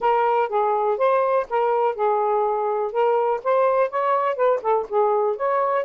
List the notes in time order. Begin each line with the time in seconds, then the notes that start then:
0.00 A#4
0.49 G#4
0.97 C5
1.49 A#4
1.95 G#4
2.92 A#4
3.43 C5
3.90 C#5
4.35 B4
4.61 A4
4.89 G#4
5.36 C#5